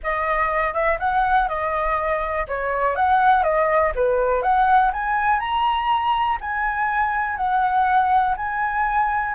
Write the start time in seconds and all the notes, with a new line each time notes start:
0.03 D#5
0.73 E5
0.99 F#5
1.48 D#5
2.47 C#5
2.95 F#5
3.43 D#5
3.95 B4
4.42 F#5
4.92 G#5
5.39 A#5
6.41 G#5
7.37 F#5
8.36 G#5